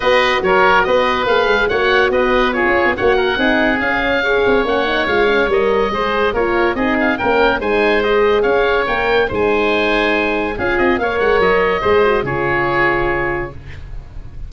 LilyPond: <<
  \new Staff \with { instrumentName = "oboe" } { \time 4/4 \tempo 4 = 142 dis''4 cis''4 dis''4 f''4 | fis''4 dis''4 cis''4 fis''4~ | fis''4 f''2 fis''4 | f''4 dis''2 cis''4 |
dis''8 f''8 g''4 gis''4 dis''4 | f''4 g''4 gis''2~ | gis''4 f''8 dis''8 f''8 fis''8 dis''4~ | dis''4 cis''2. | }
  \new Staff \with { instrumentName = "oboe" } { \time 4/4 b'4 ais'4 b'2 | cis''4 b'4 gis'4 cis''8 ais'8 | gis'2 cis''2~ | cis''2 c''4 ais'4 |
gis'4 ais'4 c''2 | cis''2 c''2~ | c''4 gis'4 cis''2 | c''4 gis'2. | }
  \new Staff \with { instrumentName = "horn" } { \time 4/4 fis'2. gis'4 | fis'2 f'4 fis'4 | dis'4 cis'4 gis'4 cis'8 dis'8 | f'8 cis'8 ais'4 gis'4 f'4 |
dis'4 cis'4 dis'4 gis'4~ | gis'4 ais'4 dis'2~ | dis'4 f'4 ais'2 | gis'8 fis'8 f'2. | }
  \new Staff \with { instrumentName = "tuba" } { \time 4/4 b4 fis4 b4 ais8 gis8 | ais4 b4~ b16 cis'8 b16 ais4 | c'4 cis'4. c'8 ais4 | gis4 g4 gis4 ais4 |
c'4 ais4 gis2 | cis'4 ais4 gis2~ | gis4 cis'8 c'8 ais8 gis8 fis4 | gis4 cis2. | }
>>